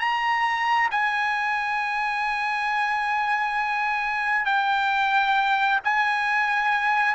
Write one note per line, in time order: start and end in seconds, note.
0.00 0.90 A#5
0.92 4.46 G#5
4.46 5.80 G5
5.85 7.15 G#5